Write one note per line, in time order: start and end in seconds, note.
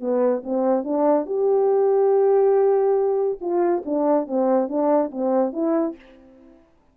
0.00 0.43 B3
0.44 0.84 C4
0.84 1.26 D4
1.26 3.39 G4
3.41 3.83 F4
3.85 4.27 D4
4.27 4.68 C4
4.68 5.11 D4
5.11 5.53 C4
5.53 5.96 E4